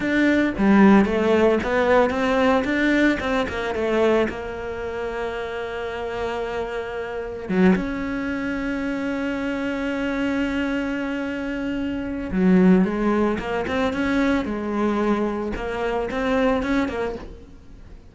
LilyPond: \new Staff \with { instrumentName = "cello" } { \time 4/4 \tempo 4 = 112 d'4 g4 a4 b4 | c'4 d'4 c'8 ais8 a4 | ais1~ | ais2 fis8 cis'4.~ |
cis'1~ | cis'2. fis4 | gis4 ais8 c'8 cis'4 gis4~ | gis4 ais4 c'4 cis'8 ais8 | }